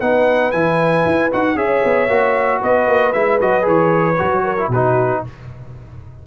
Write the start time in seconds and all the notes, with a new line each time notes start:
0.00 B3 D#4 B4 F#5
0.51 E3 E4 G#5
1.05 E4
1.31 D#4 F#4 F#5
1.55 C#4 G#4 C#5 E5
1.84 B3
2.08 A#3 F#4
2.60 B3 B4 D#5
2.87 A#3
3.12 G#3 E4 E5
3.40 F#3 F#4 D#5
3.62 E3 G#4 C#5
4.18 F#3 F#4
4.43 A#4
4.57 E4
4.68 B2 F#4 B4
4.74 D#4